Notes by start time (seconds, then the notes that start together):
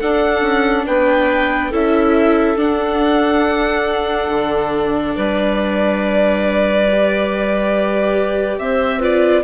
0.00 D4 A4 F#5
0.42 C#4
0.86 B3 B4 G5
1.71 C#4 E4 A4 E5
2.57 D4 F#5
4.29 D3
5.16 G3 B4 D5
6.91 G4
8.59 C4 C5 E5
8.99 F4 B4 D5